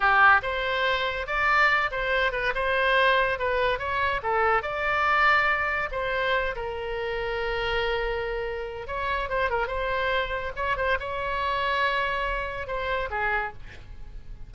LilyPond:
\new Staff \with { instrumentName = "oboe" } { \time 4/4 \tempo 4 = 142 g'4 c''2 d''4~ | d''8 c''4 b'8 c''2 | b'4 cis''4 a'4 d''4~ | d''2 c''4. ais'8~ |
ais'1~ | ais'4 cis''4 c''8 ais'8 c''4~ | c''4 cis''8 c''8 cis''2~ | cis''2 c''4 gis'4 | }